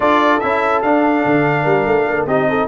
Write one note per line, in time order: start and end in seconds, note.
0.00 0.40 D4
0.00 0.40 F4
0.00 1.63 A4
0.00 0.40 D5
0.40 0.82 C#4
0.40 0.84 E4
0.40 0.81 E5
0.82 1.24 D4
0.82 2.27 D4
0.82 2.26 F5
1.25 1.65 D3
1.63 1.85 G3
1.63 2.04 A#4
1.86 2.06 A3
2.07 2.26 A#3
2.07 2.27 A4
2.26 2.67 C4
2.26 2.67 D#4
2.26 2.48 G4
2.26 2.67 D#5
2.49 2.67 A4